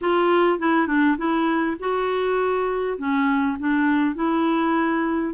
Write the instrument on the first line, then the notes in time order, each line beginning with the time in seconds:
clarinet
0.01 F4
0.59 E4
0.87 D4
1.17 E4
1.79 F#4
2.97 C#4
3.59 D4
4.14 E4